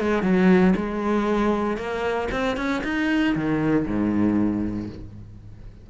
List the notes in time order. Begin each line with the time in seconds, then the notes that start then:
0.00 G#3
0.23 F#3
0.76 G#3
1.77 A#3
2.31 C4
2.57 C#4
2.83 D#4
3.35 D#3
3.87 G#2